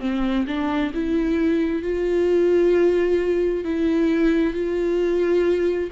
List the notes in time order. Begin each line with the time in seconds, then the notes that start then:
0.00 C4
0.47 D4
0.94 E4
1.83 F4
3.64 E4
4.54 F4